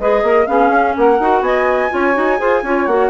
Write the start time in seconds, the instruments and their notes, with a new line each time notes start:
0.00 bassoon G#3, clarinet G#4, saxophone B4, flute D#5
0.23 bassoon A#3, saxophone A#4
0.47 bassoon B3, clarinet C#4, saxophone G#4, flute F5
0.70 bassoon C#4
0.97 bassoon A#3, saxophone A#4, flute F#5
1.20 bassoon D#4, clarinet F#4
1.42 bassoon B3, saxophone D#5, flute G#5
1.91 bassoon C#4, clarinet F4, saxophone C#5
2.15 bassoon D#4, clarinet F#4
2.39 bassoon F4, clarinet G#4, saxophone C5
2.63 bassoon C#4, clarinet F4, saxophone C#5
2.87 bassoon A#3, clarinet F#4, flute F#5